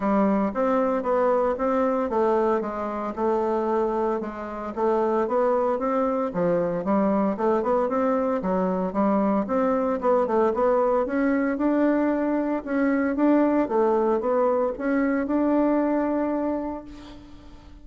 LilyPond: \new Staff \with { instrumentName = "bassoon" } { \time 4/4 \tempo 4 = 114 g4 c'4 b4 c'4 | a4 gis4 a2 | gis4 a4 b4 c'4 | f4 g4 a8 b8 c'4 |
fis4 g4 c'4 b8 a8 | b4 cis'4 d'2 | cis'4 d'4 a4 b4 | cis'4 d'2. | }